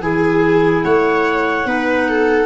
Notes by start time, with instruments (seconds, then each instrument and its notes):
0.00 tuba E3, clarinet E4 G#5, viola G#4
0.84 tuba A3, viola C#5, clarinet F#5
1.65 tuba B3, clarinet D#4, viola B4
2.09 viola A4